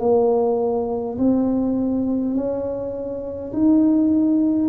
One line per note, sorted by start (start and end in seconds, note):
0.00 1.18 A#3
1.18 2.35 C4
2.35 3.53 C#4
3.53 4.69 D#4